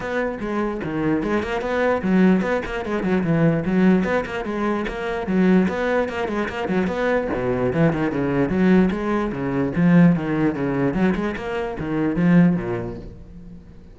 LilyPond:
\new Staff \with { instrumentName = "cello" } { \time 4/4 \tempo 4 = 148 b4 gis4 dis4 gis8 ais8 | b4 fis4 b8 ais8 gis8 fis8 | e4 fis4 b8 ais8 gis4 | ais4 fis4 b4 ais8 gis8 |
ais8 fis8 b4 b,4 e8 dis8 | cis4 fis4 gis4 cis4 | f4 dis4 cis4 fis8 gis8 | ais4 dis4 f4 ais,4 | }